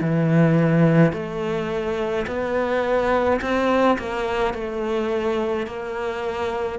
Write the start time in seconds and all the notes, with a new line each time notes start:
0.00 E3
1.12 A3
2.26 B3
3.41 C4
3.98 A#3
4.53 A3
5.66 A#3